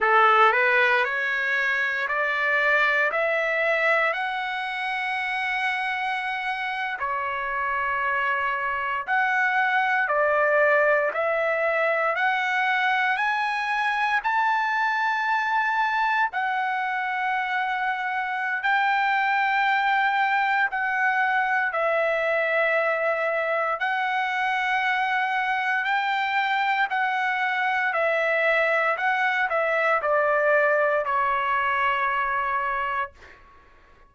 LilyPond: \new Staff \with { instrumentName = "trumpet" } { \time 4/4 \tempo 4 = 58 a'8 b'8 cis''4 d''4 e''4 | fis''2~ fis''8. cis''4~ cis''16~ | cis''8. fis''4 d''4 e''4 fis''16~ | fis''8. gis''4 a''2 fis''16~ |
fis''2 g''2 | fis''4 e''2 fis''4~ | fis''4 g''4 fis''4 e''4 | fis''8 e''8 d''4 cis''2 | }